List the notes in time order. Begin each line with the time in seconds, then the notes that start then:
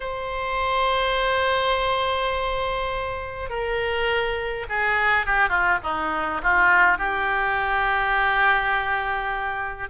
0.00 C5
3.49 A#4
4.69 G#4
5.26 G4
5.49 F4
5.83 D#4
6.42 F4
6.97 G4